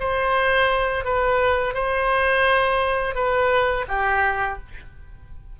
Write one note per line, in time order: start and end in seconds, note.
0.00 1.05 C5
1.05 1.74 B4
1.74 3.15 C5
3.15 3.86 B4
3.88 4.59 G4